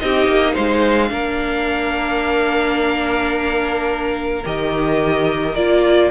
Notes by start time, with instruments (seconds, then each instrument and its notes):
0.00 cello C4, viola D#4, violin G4 D#5
0.28 cello A#3
0.54 cello G#3, violin C5 F5
1.09 cello A#3, viola D4, violin A#4
4.45 cello D#3, viola G4, violin D#5
5.55 cello A#3, viola F4, violin D5